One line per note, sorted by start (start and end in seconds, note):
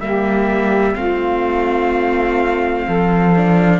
0.00 0.95 G3
0.00 0.95 A#3
0.00 0.97 G4
0.00 0.95 E5
0.95 2.86 A3
0.95 3.33 C4
0.95 2.86 F4
0.95 3.80 F5
2.86 3.80 F3
2.86 3.80 A4
3.36 3.80 D4